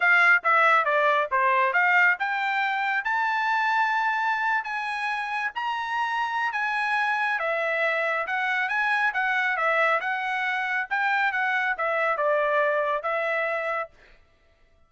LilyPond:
\new Staff \with { instrumentName = "trumpet" } { \time 4/4 \tempo 4 = 138 f''4 e''4 d''4 c''4 | f''4 g''2 a''4~ | a''2~ a''8. gis''4~ gis''16~ | gis''8. ais''2~ ais''16 gis''4~ |
gis''4 e''2 fis''4 | gis''4 fis''4 e''4 fis''4~ | fis''4 g''4 fis''4 e''4 | d''2 e''2 | }